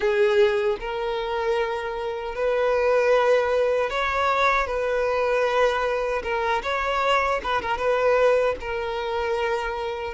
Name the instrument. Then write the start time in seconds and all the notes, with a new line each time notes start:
violin
0.00 G#4
0.80 A#4
2.35 B4
3.90 C#5
4.66 B4
6.23 A#4
6.62 C#5
7.43 B4
7.61 A#4
7.77 B4
8.60 A#4